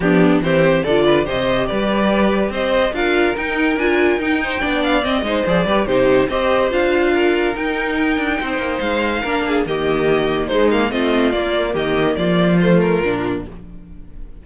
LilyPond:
<<
  \new Staff \with { instrumentName = "violin" } { \time 4/4 \tempo 4 = 143 g'4 c''4 d''4 dis''4 | d''2 dis''4 f''4 | g''4 gis''4 g''4. f''8 | dis''4 d''4 c''4 dis''4 |
f''2 g''2~ | g''4 f''2 dis''4~ | dis''4 c''8 f''8 dis''4 d''4 | dis''4 d''4 c''8 ais'4. | }
  \new Staff \with { instrumentName = "violin" } { \time 4/4 d'4 g'4 a'8 b'8 c''4 | b'2 c''4 ais'4~ | ais'2~ ais'8 c''8 d''4~ | d''8 c''4 b'8 g'4 c''4~ |
c''4 ais'2. | c''2 ais'8 gis'8 g'4~ | g'4 dis'4 f'2 | g'4 f'2. | }
  \new Staff \with { instrumentName = "viola" } { \time 4/4 b4 c'4 f'4 g'4~ | g'2. f'4 | dis'4 f'4 dis'4 d'4 | c'8 dis'8 gis'8 g'8 dis'4 g'4 |
f'2 dis'2~ | dis'2 d'4 ais4~ | ais4 gis8 ais8 c'4 ais4~ | ais2 a4 d'4 | }
  \new Staff \with { instrumentName = "cello" } { \time 4/4 f4 e4 d4 c4 | g2 c'4 d'4 | dis'4 d'4 dis'4 b4 | c'8 gis8 f8 g8 c4 c'4 |
d'2 dis'4. d'8 | c'8 ais8 gis4 ais4 dis4~ | dis4 gis4 a4 ais4 | dis4 f2 ais,4 | }
>>